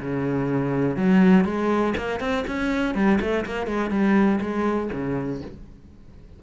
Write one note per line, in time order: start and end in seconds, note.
0.00 0.96 C#3
0.96 1.45 F#3
1.45 1.94 G#3
1.97 2.20 A#3
2.20 2.44 C4
2.47 2.94 C#4
2.94 3.19 G3
3.20 3.45 A3
3.45 3.66 A#3
3.66 3.90 G#3
3.90 4.39 G3
4.40 4.90 G#3
4.92 5.41 C#3